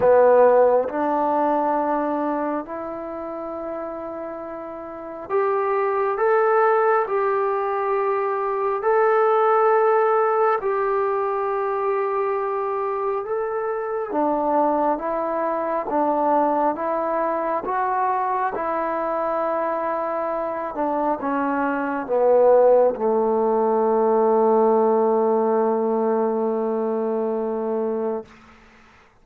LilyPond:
\new Staff \with { instrumentName = "trombone" } { \time 4/4 \tempo 4 = 68 b4 d'2 e'4~ | e'2 g'4 a'4 | g'2 a'2 | g'2. a'4 |
d'4 e'4 d'4 e'4 | fis'4 e'2~ e'8 d'8 | cis'4 b4 a2~ | a1 | }